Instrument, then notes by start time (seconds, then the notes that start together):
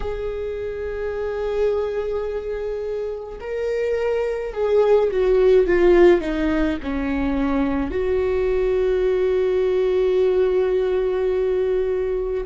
viola
0.00 G#4
3.40 A#4
4.53 G#4
5.10 F#4
5.67 F4
6.21 D#4
6.82 C#4
7.90 F#4